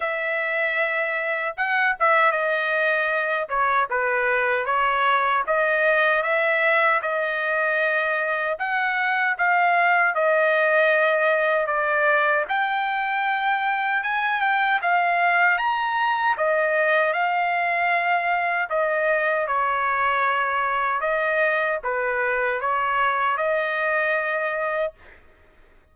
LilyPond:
\new Staff \with { instrumentName = "trumpet" } { \time 4/4 \tempo 4 = 77 e''2 fis''8 e''8 dis''4~ | dis''8 cis''8 b'4 cis''4 dis''4 | e''4 dis''2 fis''4 | f''4 dis''2 d''4 |
g''2 gis''8 g''8 f''4 | ais''4 dis''4 f''2 | dis''4 cis''2 dis''4 | b'4 cis''4 dis''2 | }